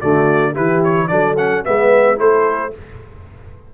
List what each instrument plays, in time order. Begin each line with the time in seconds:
0.00 tuba D3, trombone A3, horn F#4, trumpet D5
0.52 tuba E3, trombone E4, horn G4, trumpet B4
0.84 trumpet C#5
1.07 tuba F#3, trombone D4, horn A4, trumpet D5
1.37 trombone C#4, trumpet F#5
1.64 tuba G#3, trombone B3, horn B4, trumpet E5
2.16 tuba A3, trombone E4, horn A4, trumpet C5